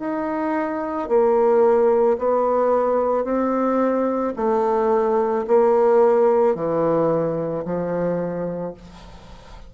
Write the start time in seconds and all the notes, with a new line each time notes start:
0.00 D#4
1.09 A#3
2.19 B3
3.24 C4
4.36 A3
5.48 A#3
6.56 E3
7.65 F3